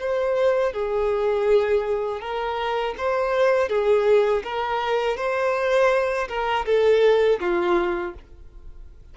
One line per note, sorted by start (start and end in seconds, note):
0.00 0.73 C5
0.73 2.21 G#4
2.21 2.95 A#4
2.98 3.69 C5
3.69 4.43 G#4
4.44 5.17 A#4
5.17 6.28 C5
6.29 6.66 A#4
6.66 7.40 A4
7.40 8.14 F4